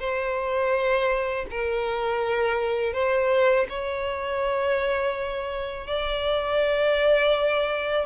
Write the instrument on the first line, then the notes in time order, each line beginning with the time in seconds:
violin
0.00 C5
1.51 A#4
2.93 C5
3.69 C#5
5.87 D5